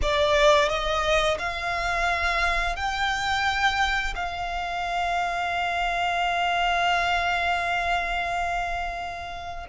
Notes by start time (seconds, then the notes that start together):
0.02 D5
0.68 D#5
1.39 F5
2.76 G5
4.15 F5